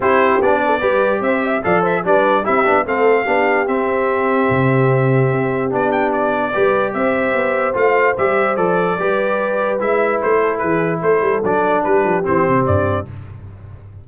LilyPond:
<<
  \new Staff \with { instrumentName = "trumpet" } { \time 4/4 \tempo 4 = 147 c''4 d''2 e''4 | f''8 e''8 d''4 e''4 f''4~ | f''4 e''2.~ | e''2 d''8 g''8 d''4~ |
d''4 e''2 f''4 | e''4 d''2. | e''4 c''4 b'4 c''4 | d''4 b'4 c''4 d''4 | }
  \new Staff \with { instrumentName = "horn" } { \time 4/4 g'4. a'8 b'4 c''8 e''8 | d''8 c''8 b'4 g'4 a'4 | g'1~ | g'1 |
b'4 c''2.~ | c''2 b'2~ | b'4. a'8 gis'4 a'4~ | a'4 g'2. | }
  \new Staff \with { instrumentName = "trombone" } { \time 4/4 e'4 d'4 g'2 | a'4 d'4 e'8 d'8 c'4 | d'4 c'2.~ | c'2 d'2 |
g'2. f'4 | g'4 a'4 g'2 | e'1 | d'2 c'2 | }
  \new Staff \with { instrumentName = "tuba" } { \time 4/4 c'4 b4 g4 c'4 | f4 g4 c'8 b8 a4 | b4 c'2 c4~ | c4 c'4 b2 |
g4 c'4 b4 a4 | g4 f4 g2 | gis4 a4 e4 a8 g8 | fis4 g8 f8 e8 c8 g,4 | }
>>